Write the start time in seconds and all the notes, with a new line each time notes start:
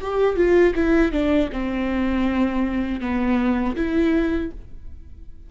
0.00 G4
0.36 F4
0.75 E4
1.11 D4
1.52 C4
3.00 B3
3.76 E4